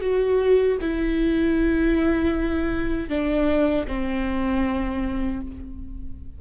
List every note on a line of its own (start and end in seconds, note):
0.00 0.77 F#4
0.80 3.08 E4
3.08 3.85 D4
3.87 5.41 C4